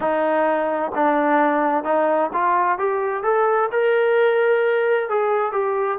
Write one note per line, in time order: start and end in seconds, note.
0.00 0.91 D#4
0.94 1.84 D4
1.84 2.30 D#4
2.33 2.78 F4
2.78 3.23 G4
3.23 3.69 A4
3.71 5.09 A#4
5.09 5.52 G#4
5.52 5.98 G4